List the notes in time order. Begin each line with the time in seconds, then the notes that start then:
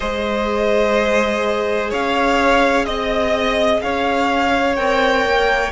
0.00 G#3 G#4 C5 D#5
1.90 C#4 C#5 F5
2.85 C4 D#5
3.81 C#4 C#5 F5
4.75 C4 A#4 G5
5.25 A#3